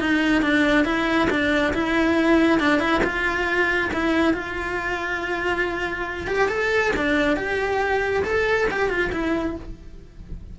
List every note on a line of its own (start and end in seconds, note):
0.00 0.42 D#4
0.42 0.85 D4
0.85 1.29 E4
1.30 1.74 D4
1.74 2.60 E4
2.60 2.80 D4
2.80 3.02 E4
3.04 3.91 F4
3.93 4.34 E4
4.34 6.27 F4
6.27 6.49 G4
6.49 6.92 A4
6.97 7.36 D4
7.36 8.23 G4
8.24 8.68 A4
8.71 8.90 G4
8.90 9.11 F4
9.12 9.56 E4